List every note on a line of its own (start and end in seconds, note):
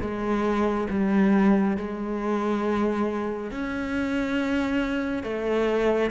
0.00 0.87 G#3
0.90 1.77 G3
1.77 3.51 G#3
3.51 5.23 C#4
5.23 6.10 A3